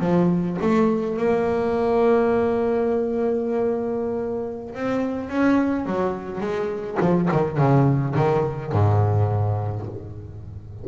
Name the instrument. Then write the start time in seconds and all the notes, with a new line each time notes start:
double bass
0.00 F3
0.61 A3
1.17 A#3
4.74 C4
5.29 C#4
5.86 F#3
6.40 G#3
7.00 F3
7.31 D#3
7.57 C#3
8.15 D#3
8.72 G#2